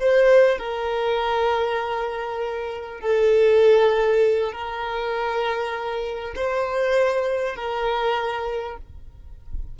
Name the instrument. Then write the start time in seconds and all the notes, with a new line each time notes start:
violin
0.00 C5
0.59 A#4
3.01 A4
4.53 A#4
6.36 C5
7.56 A#4